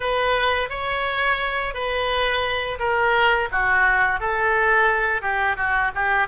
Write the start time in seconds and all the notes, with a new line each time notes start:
0.00 B4
0.69 C#5
1.73 B4
2.79 A#4
3.51 F#4
4.20 A4
5.21 G4
5.56 F#4
5.94 G4